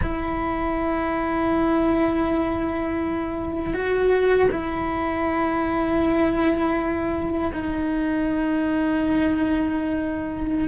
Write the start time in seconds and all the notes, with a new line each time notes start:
0.02 E4
3.74 F#4
4.51 E4
7.52 D#4